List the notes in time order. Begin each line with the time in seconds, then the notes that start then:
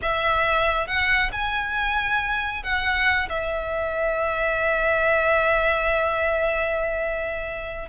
0.02 E5
0.87 F#5
1.32 G#5
2.63 F#5
3.29 E5